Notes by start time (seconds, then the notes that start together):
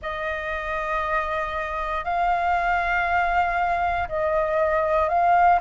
0.02 D#5
2.04 F5
4.08 D#5
5.08 F5